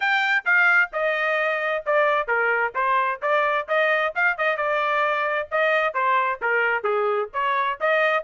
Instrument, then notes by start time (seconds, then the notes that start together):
trumpet
0.00 G5
0.45 F5
0.92 D#5
1.85 D5
2.27 A#4
2.75 C5
3.21 D5
3.68 D#5
4.15 F5
4.37 D#5
4.56 D5
5.51 D#5
5.94 C5
6.41 A#4
6.83 G#4
7.33 C#5
7.80 D#5